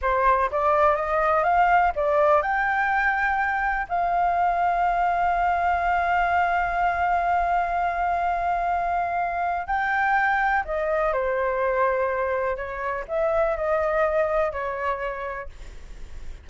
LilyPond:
\new Staff \with { instrumentName = "flute" } { \time 4/4 \tempo 4 = 124 c''4 d''4 dis''4 f''4 | d''4 g''2. | f''1~ | f''1~ |
f''1 | g''2 dis''4 c''4~ | c''2 cis''4 e''4 | dis''2 cis''2 | }